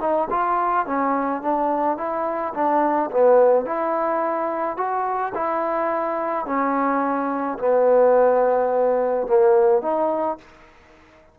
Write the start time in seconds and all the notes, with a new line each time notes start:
0.00 D#4
0.30 F4
0.86 C#4
1.42 D4
1.97 E4
2.54 D4
3.11 B3
3.65 E4
4.77 F#4
5.34 E4
6.46 C#4
7.59 B3
9.27 A#3
9.82 D#4